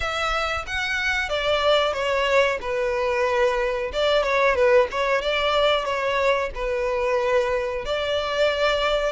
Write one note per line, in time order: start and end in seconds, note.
0.00 0.65 E5
0.67 1.29 F#5
1.29 1.93 D5
1.93 2.58 C#5
2.61 3.91 B4
3.92 4.23 D5
4.23 4.55 C#5
4.55 4.87 B4
4.91 5.21 C#5
5.21 5.85 D5
5.85 6.50 C#5
6.55 7.85 B4
7.85 9.12 D5